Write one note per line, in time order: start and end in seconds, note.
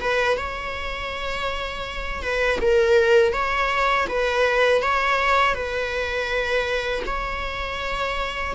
0.00 0.37 B4
0.37 2.22 C#5
2.22 2.59 B4
2.61 3.33 A#4
3.33 4.07 C#5
4.08 4.81 B4
4.81 5.54 C#5
5.54 7.02 B4
7.06 8.54 C#5